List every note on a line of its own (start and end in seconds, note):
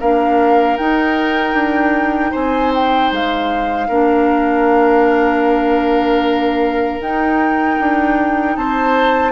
0.00 0.78 A#3
0.00 0.78 D4
0.00 2.31 A#4
0.00 0.77 F5
0.77 1.53 D#4
0.77 3.89 D#4
0.77 2.33 G5
1.53 2.31 D4
2.31 3.12 C4
2.31 3.87 C5
2.31 2.73 G#5
2.75 3.13 G5
3.12 3.88 G#3
3.12 7.01 F5
3.88 7.00 A#3
3.88 7.00 D4
3.88 8.56 A#4
7.00 7.78 D#4
7.00 9.32 D#4
7.00 8.56 G5
7.80 8.57 D4
8.56 9.32 C4
8.56 9.32 C5
8.56 9.32 A5